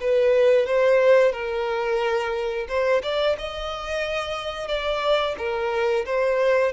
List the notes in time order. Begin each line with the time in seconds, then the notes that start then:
0.00 B4
0.66 C5
1.32 A#4
2.68 C5
3.02 D5
3.38 D#5
4.68 D5
5.37 A#4
6.05 C5